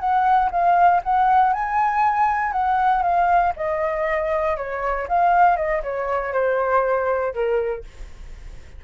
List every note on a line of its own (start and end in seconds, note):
0.00 0.50 F#5
0.51 1.02 F5
1.04 1.54 F#5
1.54 2.53 G#5
2.53 3.03 F#5
3.03 3.53 F5
3.57 4.57 D#5
4.58 5.08 C#5
5.09 5.57 F5
5.57 5.83 D#5
5.83 6.34 C#5
6.34 7.34 C5
7.34 7.84 A#4